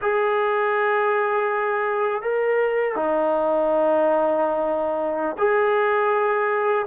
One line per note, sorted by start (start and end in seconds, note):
0.01 2.22 G#4
2.22 2.95 A#4
2.95 5.36 D#4
5.37 6.86 G#4